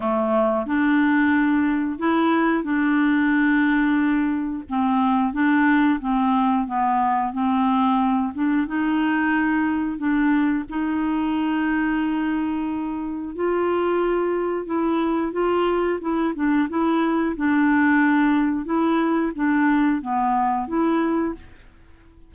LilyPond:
\new Staff \with { instrumentName = "clarinet" } { \time 4/4 \tempo 4 = 90 a4 d'2 e'4 | d'2. c'4 | d'4 c'4 b4 c'4~ | c'8 d'8 dis'2 d'4 |
dis'1 | f'2 e'4 f'4 | e'8 d'8 e'4 d'2 | e'4 d'4 b4 e'4 | }